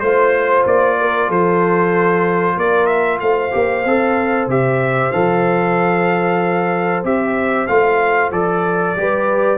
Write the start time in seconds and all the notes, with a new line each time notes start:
0.00 A3 F4 C5
0.66 A#3 D5
0.99 A#4
1.28 F3 A4 C5
2.57 A#3 A#4 D5
2.86 E5
3.20 A3 C5 F5
3.51 A#3 G4
3.85 C4 A4
4.47 C3 G4 E5
5.12 F3 A4 F5
7.04 C4 G4 E5
7.67 A3 F4 F5
8.31 F3 A4 D5
8.96 G3 G4 B4